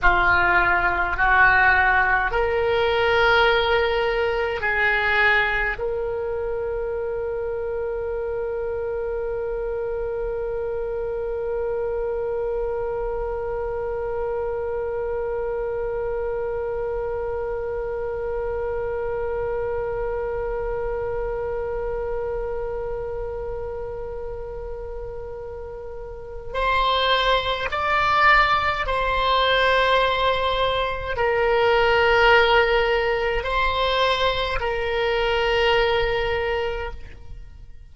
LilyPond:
\new Staff \with { instrumentName = "oboe" } { \time 4/4 \tempo 4 = 52 f'4 fis'4 ais'2 | gis'4 ais'2.~ | ais'1~ | ais'1~ |
ais'1~ | ais'2. c''4 | d''4 c''2 ais'4~ | ais'4 c''4 ais'2 | }